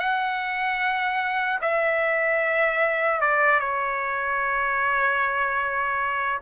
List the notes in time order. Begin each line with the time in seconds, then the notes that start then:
0.00 F#5
1.62 E5
3.21 D5
3.60 C#5